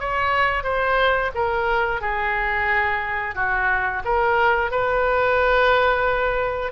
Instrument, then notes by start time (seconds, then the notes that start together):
oboe
0.00 C#5
0.64 C5
1.35 A#4
2.01 G#4
3.35 F#4
4.04 A#4
4.71 B4